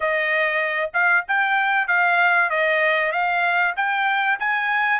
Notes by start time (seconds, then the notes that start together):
0.00 D#5
0.93 F5
1.28 G5
1.87 F5
2.49 D#5
3.12 F5
3.76 G5
4.39 G#5